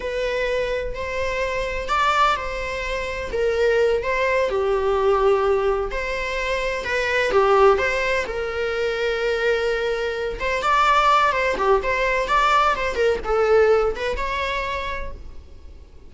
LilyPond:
\new Staff \with { instrumentName = "viola" } { \time 4/4 \tempo 4 = 127 b'2 c''2 | d''4 c''2 ais'4~ | ais'8 c''4 g'2~ g'8~ | g'8 c''2 b'4 g'8~ |
g'8 c''4 ais'2~ ais'8~ | ais'2 c''8 d''4. | c''8 g'8 c''4 d''4 c''8 ais'8 | a'4. b'8 cis''2 | }